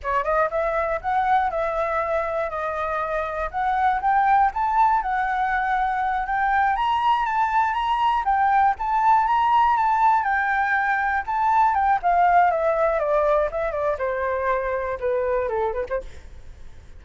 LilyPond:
\new Staff \with { instrumentName = "flute" } { \time 4/4 \tempo 4 = 120 cis''8 dis''8 e''4 fis''4 e''4~ | e''4 dis''2 fis''4 | g''4 a''4 fis''2~ | fis''8 g''4 ais''4 a''4 ais''8~ |
ais''8 g''4 a''4 ais''4 a''8~ | a''8 g''2 a''4 g''8 | f''4 e''4 d''4 e''8 d''8 | c''2 b'4 a'8 b'16 c''16 | }